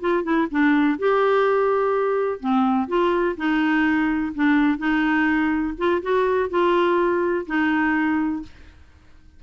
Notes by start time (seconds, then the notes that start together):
0.00 F4
0.23 E4
0.51 D4
0.98 G4
2.40 C4
2.88 F4
3.37 D#4
4.34 D4
4.78 D#4
5.77 F4
6.02 F#4
6.50 F4
7.46 D#4